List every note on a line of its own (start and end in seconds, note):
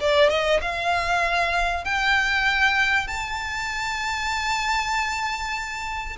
0.00 0.29 D5
0.29 0.60 D#5
0.61 1.84 F5
1.84 3.07 G5
3.07 6.17 A5